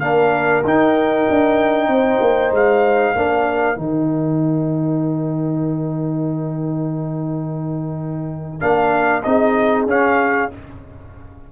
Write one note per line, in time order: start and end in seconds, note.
0.00 0.63 A#3
0.00 0.64 D4
0.00 1.88 A#4
0.00 0.62 F5
0.65 1.27 D#4
0.65 3.16 D#4
0.65 2.55 G5
1.30 1.88 D4
1.88 2.19 C4
1.88 3.15 C5
2.21 2.52 A#3
2.52 3.14 G#3
2.52 3.80 F5
3.15 3.77 A#3
3.15 3.76 D4
3.15 9.24 A#4
3.76 8.61 D#3
3.76 8.60 D#4
3.76 8.60 G5
8.60 9.24 A#3
8.60 9.23 D4
8.60 9.23 F5
9.23 9.86 C4
9.23 9.88 D#4
9.23 10.52 G#4
9.23 9.86 D#5
9.86 10.49 C#4
9.86 10.51 C#4
9.86 10.53 F5